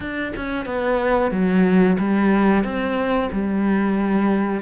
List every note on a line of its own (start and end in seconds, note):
0.00 0.33 D4
0.36 0.65 C#4
0.65 1.31 B3
1.31 1.97 F#3
1.98 2.63 G3
2.63 3.29 C4
3.32 4.61 G3